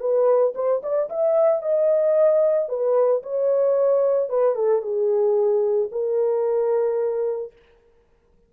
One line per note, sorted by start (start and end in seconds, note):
0.00 0.54 B4
0.55 0.82 C5
0.83 1.09 D5
1.10 1.62 E5
1.62 2.69 D#5
2.69 3.23 B4
3.23 4.29 C#5
4.29 4.55 B4
4.55 4.82 A4
4.82 5.89 G#4
5.91 7.52 A#4